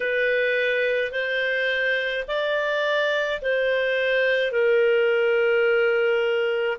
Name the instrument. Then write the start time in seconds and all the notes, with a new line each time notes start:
clarinet
0.00 B4
1.11 C5
2.27 D5
3.41 C5
4.51 A#4